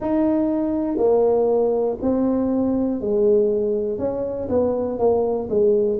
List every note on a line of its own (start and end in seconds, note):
0.00 0.97 D#4
0.97 1.97 A#3
2.01 3.00 C4
3.00 3.98 G#3
3.98 4.48 C#4
4.49 4.99 B3
4.99 5.49 A#3
5.50 6.00 G#3